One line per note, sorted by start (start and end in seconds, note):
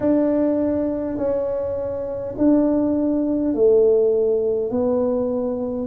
0.00 1.17 D4
1.17 2.35 C#4
2.37 3.54 D4
3.54 4.70 A3
4.70 5.87 B3